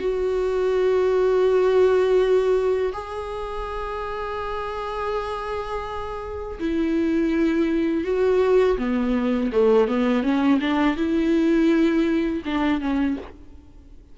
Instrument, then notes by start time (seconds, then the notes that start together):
viola
0.00 F#4
2.93 G#4
6.60 E4
8.05 F#4
8.78 B3
9.52 A3
9.88 B3
10.23 C#4
10.61 D4
10.97 E4
12.46 D4
12.81 C#4